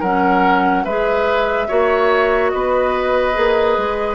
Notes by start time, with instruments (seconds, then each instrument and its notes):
0.00 bassoon F#3, clarinet C#4, oboe A#4, flute F#5
0.84 bassoon G#3, clarinet G#4, oboe B4, flute E5
1.68 bassoon A#3, clarinet F#4, oboe C#5
2.50 bassoon B3, oboe B4, flute D#5
3.33 bassoon A#3, clarinet G#4
3.77 bassoon G#3